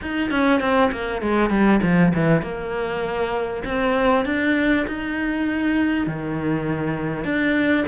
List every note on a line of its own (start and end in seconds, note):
0.01 0.30 D#4
0.30 0.60 C#4
0.60 0.90 C4
0.91 1.21 A#3
1.21 1.50 G#3
1.50 1.80 G3
1.82 2.12 F3
2.14 2.42 E3
2.42 3.63 A#3
3.64 4.25 C4
4.25 4.86 D4
4.87 6.07 D#4
6.07 7.24 D#3
7.24 7.85 D4